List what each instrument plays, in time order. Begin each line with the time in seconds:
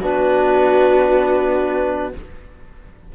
0.00 cello B3, trombone D4, viola F#4, clarinet B4